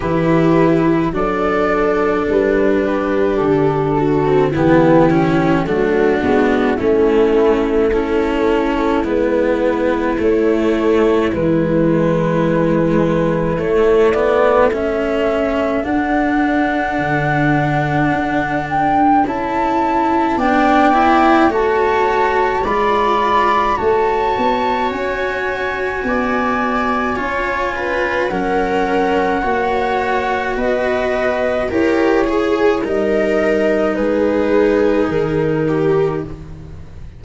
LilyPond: <<
  \new Staff \with { instrumentName = "flute" } { \time 4/4 \tempo 4 = 53 b'4 d''4 b'4 a'4 | g'4 fis'4 e'4 a'4 | b'4 cis''4 b'2 | cis''8 d''8 e''4 fis''2~ |
fis''8 g''8 a''4 g''4 a''4 | b''4 a''4 gis''2~ | gis''4 fis''2 dis''4 | cis''4 dis''4 b'4 ais'4 | }
  \new Staff \with { instrumentName = "viola" } { \time 4/4 g'4 a'4. g'4 fis'8 | e'4 a8 b8 cis'4 e'4~ | e'1~ | e'4 a'2.~ |
a'2 d''4 cis''4 | d''4 cis''2 d''4 | cis''8 b'8 ais'4 cis''4 b'4 | ais'8 gis'8 ais'4 gis'4. g'8 | }
  \new Staff \with { instrumentName = "cello" } { \time 4/4 e'4 d'2~ d'8. c'16 | b8 cis'8 d'4 a4 cis'4 | b4 a4 gis2 | a8 b8 cis'4 d'2~ |
d'4 e'4 d'8 e'8 fis'4 | f'4 fis'2. | f'4 cis'4 fis'2 | g'8 gis'8 dis'2. | }
  \new Staff \with { instrumentName = "tuba" } { \time 4/4 e4 fis4 g4 d4 | e4 fis8 gis8 a2 | gis4 a4 e2 | a2 d'4 d4 |
d'4 cis'4 b4 a4 | gis4 a8 b8 cis'4 b4 | cis'4 fis4 ais4 b4 | e'4 g4 gis4 dis4 | }
>>